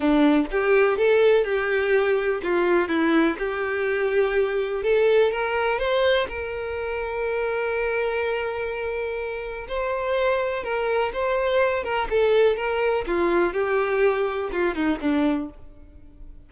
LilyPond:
\new Staff \with { instrumentName = "violin" } { \time 4/4 \tempo 4 = 124 d'4 g'4 a'4 g'4~ | g'4 f'4 e'4 g'4~ | g'2 a'4 ais'4 | c''4 ais'2.~ |
ais'1 | c''2 ais'4 c''4~ | c''8 ais'8 a'4 ais'4 f'4 | g'2 f'8 dis'8 d'4 | }